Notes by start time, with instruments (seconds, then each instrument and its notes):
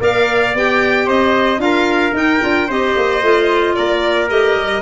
0.00 tuba A#3, clarinet A#4, trumpet D5, violin F5
0.54 tuba B3, clarinet G4, violin G5
1.06 tuba C4, trumpet C5, violin D#5
1.58 tuba D4, clarinet F4, violin F5
1.64 trumpet A#4
2.12 clarinet D#4, tuba D#4, violin G5
2.41 tuba D4, clarinet F4
2.67 tuba C4, clarinet G4, trumpet C5, violin D#5
2.96 tuba A#3
3.22 tuba A3, clarinet F4
3.75 tuba A#3, trumpet A#4, violin D5
4.28 tuba A3, clarinet G4, violin D#5
4.56 tuba G3